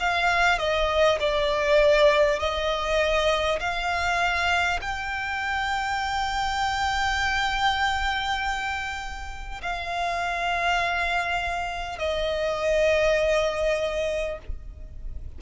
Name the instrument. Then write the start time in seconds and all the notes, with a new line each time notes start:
violin
0.00 F5
0.59 D#5
1.20 D5
2.39 D#5
3.59 F5
4.82 G5
9.62 F5
11.99 D#5